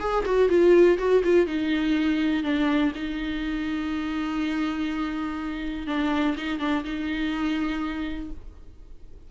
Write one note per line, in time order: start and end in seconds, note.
0.00 0.24 G#4
0.25 0.49 F#4
0.49 0.98 F4
0.98 1.23 F#4
1.24 1.47 F4
1.47 2.44 D#4
2.44 2.92 D4
2.95 5.87 D#4
5.87 6.36 D4
6.37 6.60 D#4
6.60 6.84 D4
6.84 8.31 D#4